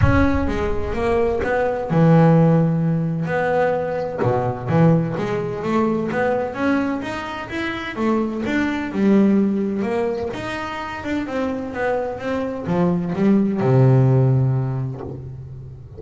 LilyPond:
\new Staff \with { instrumentName = "double bass" } { \time 4/4 \tempo 4 = 128 cis'4 gis4 ais4 b4 | e2. b4~ | b4 b,4 e4 gis4 | a4 b4 cis'4 dis'4 |
e'4 a4 d'4 g4~ | g4 ais4 dis'4. d'8 | c'4 b4 c'4 f4 | g4 c2. | }